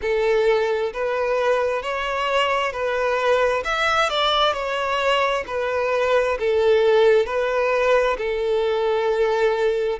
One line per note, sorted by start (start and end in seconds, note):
0.01 0.92 A4
0.93 1.82 B4
1.82 2.72 C#5
2.72 3.63 B4
3.64 4.09 E5
4.09 4.52 D5
4.52 5.43 C#5
5.47 6.38 B4
6.39 7.26 A4
7.26 8.17 B4
8.17 9.99 A4